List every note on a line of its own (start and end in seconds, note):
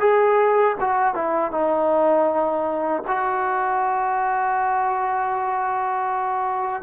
0.00 0.76 G#4
0.80 1.15 F#4
1.15 1.51 E4
1.51 3.03 D#4
3.07 6.83 F#4